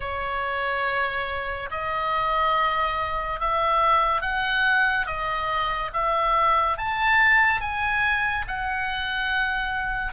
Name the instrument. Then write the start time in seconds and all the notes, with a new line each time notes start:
oboe
0.00 C#5
1.71 D#5
3.40 E5
4.21 F#5
5.06 D#5
5.93 E5
6.77 A5
7.61 G#5
8.47 F#5